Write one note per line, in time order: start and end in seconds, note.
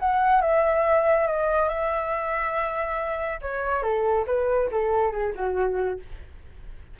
0.00 0.42 F#5
0.42 1.27 E5
1.27 1.69 D#5
1.69 3.41 E5
3.42 3.83 C#5
3.83 4.26 A4
4.27 4.70 B4
4.72 5.12 A4
5.12 5.34 G#4
5.35 6.00 F#4